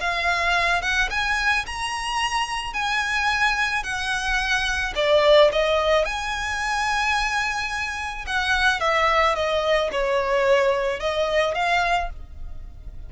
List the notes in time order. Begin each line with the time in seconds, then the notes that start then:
0.00 F5
0.81 F#5
1.10 G#5
1.66 A#5
2.73 G#5
3.83 F#5
4.95 D5
5.52 D#5
6.05 G#5
8.26 F#5
8.80 E5
9.35 D#5
9.91 C#5
10.99 D#5
11.54 F5